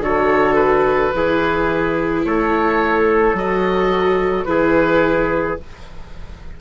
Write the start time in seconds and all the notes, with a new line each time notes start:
0.00 D3 F#4 A4 C#5
0.55 B4
1.14 E3 E4 G#4
2.25 A3 A4 C#5
3.33 F#3 F#4 D#5
4.44 E3 E4 G#4 B4